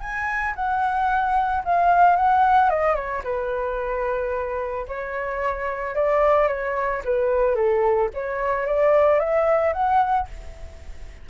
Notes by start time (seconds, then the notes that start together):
0.00 G#5
0.55 F#5
1.64 F5
2.16 F#5
2.70 D#5
2.95 C#5
3.24 B4
4.87 C#5
5.95 D5
6.48 C#5
7.04 B4
7.55 A4
8.14 C#5
8.66 D5
9.19 E5
9.73 F#5